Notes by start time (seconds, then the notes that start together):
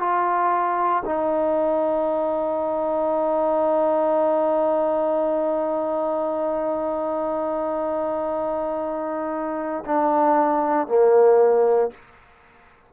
0.00 F4
1.05 D#4
9.86 D4
10.88 A#3